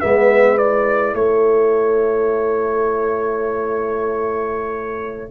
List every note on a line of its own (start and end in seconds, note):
0.00 1.14 G#3
0.00 0.58 B3
0.00 1.17 B4
0.00 0.58 E5
0.58 5.31 E4
0.58 1.15 D5
1.14 5.31 A3
1.14 5.31 A4
1.14 5.31 C#5